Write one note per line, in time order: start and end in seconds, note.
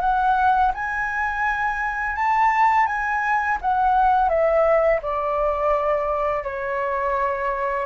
0.00 0.71 F#5
0.74 2.16 G#5
2.16 2.86 A5
2.86 3.57 G#5
3.61 4.29 F#5
4.29 5.00 E5
5.02 6.43 D5
6.43 7.86 C#5